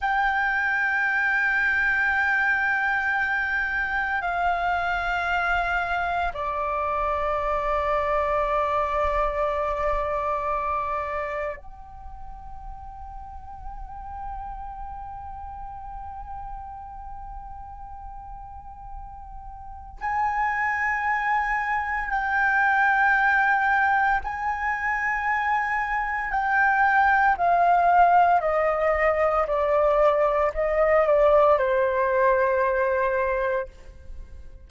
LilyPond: \new Staff \with { instrumentName = "flute" } { \time 4/4 \tempo 4 = 57 g''1 | f''2 d''2~ | d''2. g''4~ | g''1~ |
g''2. gis''4~ | gis''4 g''2 gis''4~ | gis''4 g''4 f''4 dis''4 | d''4 dis''8 d''8 c''2 | }